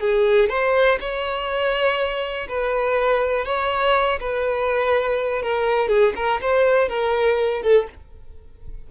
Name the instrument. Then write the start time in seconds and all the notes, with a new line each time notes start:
violin
0.00 G#4
0.49 C5
1.00 C#5
2.48 B4
3.45 C#5
4.20 B4
5.42 A#4
5.89 G#4
6.16 A#4
6.41 C5
6.89 A#4
7.62 A4